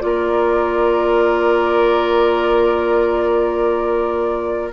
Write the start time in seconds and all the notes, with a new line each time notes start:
0.00 A#3 F4 A#4 D5